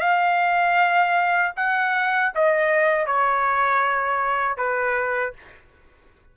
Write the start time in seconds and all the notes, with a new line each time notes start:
0.00 F5
1.56 F#5
2.34 D#5
3.06 C#5
4.57 B4